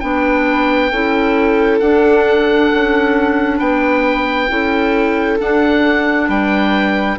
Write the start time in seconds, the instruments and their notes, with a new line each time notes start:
0.00 bassoon B3, clarinet D4, viola B4, oboe G5
0.91 bassoon C#4, clarinet E4, viola A4
1.79 bassoon D4, clarinet D4, oboe F#5
2.74 bassoon C#4
3.57 bassoon B3, viola B4, oboe G5
4.49 bassoon C#4, clarinet E4, viola A4
5.38 clarinet D4, bassoon D4, oboe F#5
6.27 bassoon G3, viola B4, oboe G5